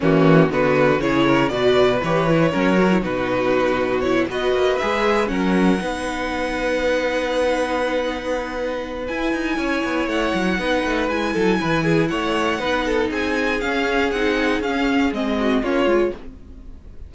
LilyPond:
<<
  \new Staff \with { instrumentName = "violin" } { \time 4/4 \tempo 4 = 119 fis'4 b'4 cis''4 d''4 | cis''2 b'2 | cis''8 dis''4 e''4 fis''4.~ | fis''1~ |
fis''2 gis''2 | fis''2 gis''2 | fis''2 gis''4 f''4 | fis''4 f''4 dis''4 cis''4 | }
  \new Staff \with { instrumentName = "violin" } { \time 4/4 cis'4 fis'4 gis'8 ais'8 b'4~ | b'4 ais'4 fis'2~ | fis'8 b'2 ais'4 b'8~ | b'1~ |
b'2. cis''4~ | cis''4 b'4. a'8 b'8 gis'8 | cis''4 b'8 a'8 gis'2~ | gis'2~ gis'8 fis'8 f'4 | }
  \new Staff \with { instrumentName = "viola" } { \time 4/4 ais4 b4 e'4 fis'4 | g'8 e'8 cis'8 fis'16 e'16 dis'2 | e'8 fis'4 gis'4 cis'4 dis'8~ | dis'1~ |
dis'2 e'2~ | e'4 dis'4 e'2~ | e'4 dis'2 cis'4 | dis'4 cis'4 c'4 cis'8 f'8 | }
  \new Staff \with { instrumentName = "cello" } { \time 4/4 e4 d4 cis4 b,4 | e4 fis4 b,2~ | b,8 b8 ais8 gis4 fis4 b8~ | b1~ |
b2 e'8 dis'8 cis'8 b8 | a8 fis8 b8 a8 gis8 fis8 e4 | a4 b4 c'4 cis'4 | c'4 cis'4 gis4 ais8 gis8 | }
>>